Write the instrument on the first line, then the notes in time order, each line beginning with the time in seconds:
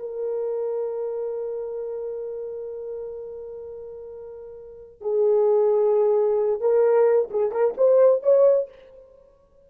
horn
0.00 A#4
5.01 G#4
6.61 A#4
7.31 G#4
7.52 A#4
7.78 C5
8.23 C#5